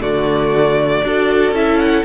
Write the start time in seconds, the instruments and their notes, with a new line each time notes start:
0.00 cello D3, viola A3, violin F#4 D5
1.03 cello D4, viola F#4, violin A4
1.51 cello C#4, viola E4, violin E5
1.78 violin F#5